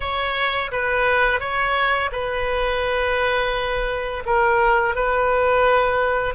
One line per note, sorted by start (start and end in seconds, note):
0.00 0.71 C#5
0.71 1.39 B4
1.39 2.10 C#5
2.12 4.24 B4
4.25 4.95 A#4
4.95 6.34 B4